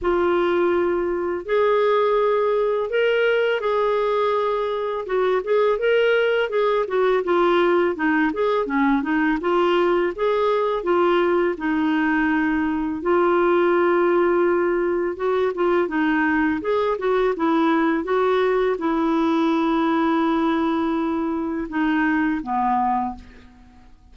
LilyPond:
\new Staff \with { instrumentName = "clarinet" } { \time 4/4 \tempo 4 = 83 f'2 gis'2 | ais'4 gis'2 fis'8 gis'8 | ais'4 gis'8 fis'8 f'4 dis'8 gis'8 | cis'8 dis'8 f'4 gis'4 f'4 |
dis'2 f'2~ | f'4 fis'8 f'8 dis'4 gis'8 fis'8 | e'4 fis'4 e'2~ | e'2 dis'4 b4 | }